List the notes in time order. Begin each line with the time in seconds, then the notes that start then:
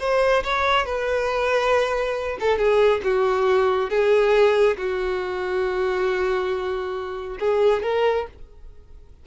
0.00 C5
0.44 C#5
0.86 B4
2.41 A4
2.58 G#4
3.04 F#4
3.90 G#4
4.78 F#4
7.40 G#4
7.83 A#4